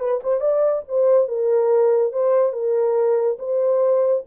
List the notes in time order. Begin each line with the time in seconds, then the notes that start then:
0.00 B4
0.23 C5
0.41 D5
0.88 C5
1.28 A#4
2.12 C5
2.53 A#4
3.39 C5